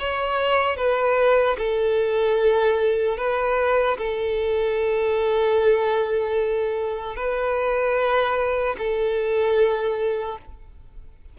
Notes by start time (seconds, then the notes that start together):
0.00 C#5
0.77 B4
1.58 A4
3.18 B4
3.98 A4
7.16 B4
8.79 A4